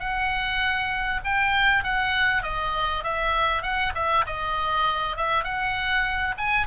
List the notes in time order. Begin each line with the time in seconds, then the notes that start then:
0.00 F#5
1.25 G5
1.84 F#5
2.43 D#5
3.04 E5
3.63 F#5
3.95 E5
4.26 D#5
5.17 E5
5.44 F#5
6.38 G#5